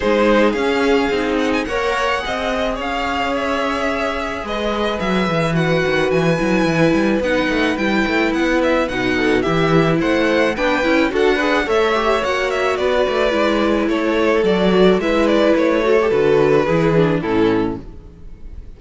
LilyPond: <<
  \new Staff \with { instrumentName = "violin" } { \time 4/4 \tempo 4 = 108 c''4 f''4. fis''16 gis''16 fis''4~ | fis''4 f''4 e''2 | dis''4 e''4 fis''4 gis''4~ | gis''4 fis''4 g''4 fis''8 e''8 |
fis''4 e''4 fis''4 g''4 | fis''4 e''4 fis''8 e''8 d''4~ | d''4 cis''4 d''4 e''8 d''8 | cis''4 b'2 a'4 | }
  \new Staff \with { instrumentName = "violin" } { \time 4/4 gis'2. cis''4 | dis''4 cis''2. | b'1~ | b'1~ |
b'8 a'8 g'4 c''4 b'4 | a'8 b'8 cis''2 b'4~ | b'4 a'2 b'4~ | b'8 a'4. gis'4 e'4 | }
  \new Staff \with { instrumentName = "viola" } { \time 4/4 dis'4 cis'4 dis'4 ais'4 | gis'1~ | gis'2 fis'4. e'8~ | e'4 dis'4 e'2 |
dis'4 e'2 d'8 e'8 | fis'8 gis'8 a'8 g'8 fis'2 | e'2 fis'4 e'4~ | e'8 fis'16 g'16 fis'4 e'8 d'8 cis'4 | }
  \new Staff \with { instrumentName = "cello" } { \time 4/4 gis4 cis'4 c'4 ais4 | c'4 cis'2. | gis4 fis8 e4 dis8 e8 fis8 | e8 g8 b8 a8 g8 a8 b4 |
b,4 e4 a4 b8 cis'8 | d'4 a4 ais4 b8 a8 | gis4 a4 fis4 gis4 | a4 d4 e4 a,4 | }
>>